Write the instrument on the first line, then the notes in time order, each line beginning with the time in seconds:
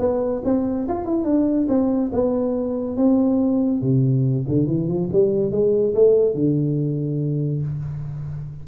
tuba
0.00 B3
0.45 C4
0.89 F4
1.06 E4
1.25 D4
1.69 C4
2.13 B3
2.97 C4
3.82 C3
4.49 D3
4.68 E3
4.88 F3
5.13 G3
5.52 G#3
5.95 A3
6.35 D3